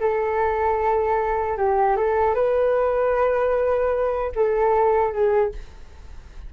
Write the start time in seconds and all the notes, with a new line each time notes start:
0.00 A4
1.57 G4
1.96 A4
2.34 B4
4.35 A4
5.12 G#4